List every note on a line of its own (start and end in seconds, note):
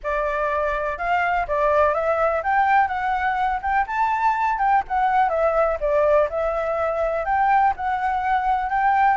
0.03 0.98 D5
0.98 1.46 F5
1.47 1.94 D5
1.94 2.42 E5
2.43 2.87 G5
2.87 3.60 F#5
3.62 3.86 G5
3.86 4.58 A5
4.58 4.82 G5
4.88 5.29 F#5
5.29 5.77 E5
5.80 6.28 D5
6.29 7.25 E5
7.25 7.73 G5
7.76 8.69 F#5
8.69 9.17 G5